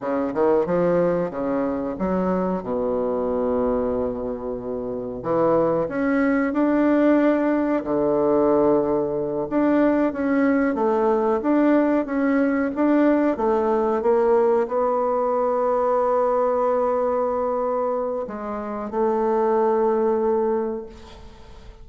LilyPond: \new Staff \with { instrumentName = "bassoon" } { \time 4/4 \tempo 4 = 92 cis8 dis8 f4 cis4 fis4 | b,1 | e4 cis'4 d'2 | d2~ d8 d'4 cis'8~ |
cis'8 a4 d'4 cis'4 d'8~ | d'8 a4 ais4 b4.~ | b1 | gis4 a2. | }